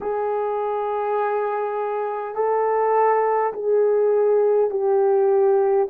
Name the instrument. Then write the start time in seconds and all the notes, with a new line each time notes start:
horn
0.00 G#4
2.35 A4
3.53 G#4
4.70 G4